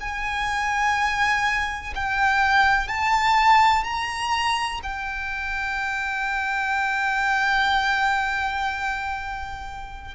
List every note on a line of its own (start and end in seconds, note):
0.00 1.94 G#5
1.95 2.88 G5
2.88 3.84 A5
3.84 4.80 A#5
4.83 10.14 G5